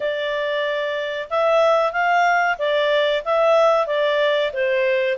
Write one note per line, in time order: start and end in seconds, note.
0.00 1.28 D5
1.30 1.92 E5
1.92 2.57 F5
2.58 3.23 D5
3.24 3.87 E5
3.87 4.51 D5
4.53 5.17 C5